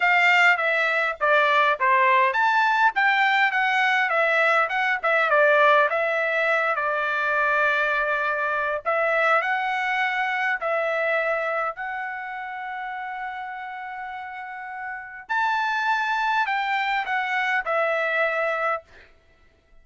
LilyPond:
\new Staff \with { instrumentName = "trumpet" } { \time 4/4 \tempo 4 = 102 f''4 e''4 d''4 c''4 | a''4 g''4 fis''4 e''4 | fis''8 e''8 d''4 e''4. d''8~ | d''2. e''4 |
fis''2 e''2 | fis''1~ | fis''2 a''2 | g''4 fis''4 e''2 | }